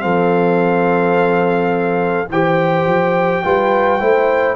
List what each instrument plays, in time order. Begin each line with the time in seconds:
0.00 tuba F3, trombone C4, horn A4, trumpet F5
2.30 tuba E3, trombone G4, horn C5, trumpet G5
2.86 tuba F3
3.44 tuba G3, trombone F4, horn B4
4.00 tuba A3, trombone E4, horn C5